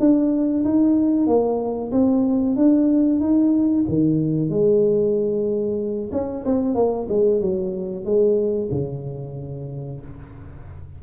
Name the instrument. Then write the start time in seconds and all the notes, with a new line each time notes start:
tuba
0.00 D4
0.65 D#4
1.27 A#3
1.92 C4
2.57 D4
3.21 D#4
3.89 D#3
4.50 G#3
6.12 C#4
6.45 C4
6.75 A#3
7.09 G#3
7.41 F#3
8.05 G#3
8.72 C#3